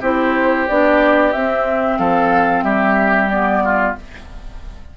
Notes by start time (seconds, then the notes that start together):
0.00 C4 E4 G4 C5
0.68 B3 D4 D5
1.32 C4 E5
1.98 F3 A4 F5
2.62 G3 G4 E5
3.29 B3 D5
3.64 F4